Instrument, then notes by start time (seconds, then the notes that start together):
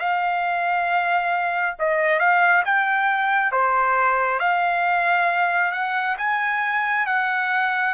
trumpet
0.00 F5
1.79 D#5
2.20 F5
2.66 G5
3.52 C5
4.40 F5
5.72 F#5
6.18 G#5
7.06 F#5